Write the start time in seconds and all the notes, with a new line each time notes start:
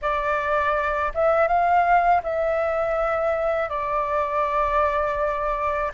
0.01 D5
1.14 E5
1.47 F5
2.23 E5
3.69 D5